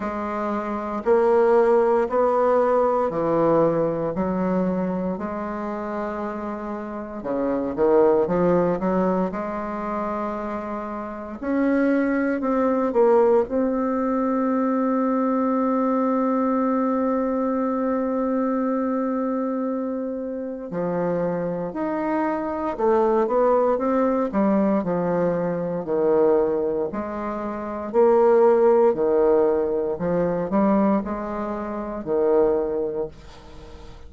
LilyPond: \new Staff \with { instrumentName = "bassoon" } { \time 4/4 \tempo 4 = 58 gis4 ais4 b4 e4 | fis4 gis2 cis8 dis8 | f8 fis8 gis2 cis'4 | c'8 ais8 c'2.~ |
c'1 | f4 dis'4 a8 b8 c'8 g8 | f4 dis4 gis4 ais4 | dis4 f8 g8 gis4 dis4 | }